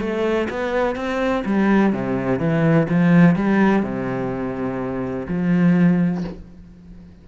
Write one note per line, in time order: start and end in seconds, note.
0.00 0.48 A3
0.50 0.96 B3
0.96 1.44 C4
1.45 1.93 G3
1.93 2.39 C3
2.39 2.87 E3
2.90 3.36 F3
3.36 3.83 G3
3.83 5.27 C3
5.28 6.24 F3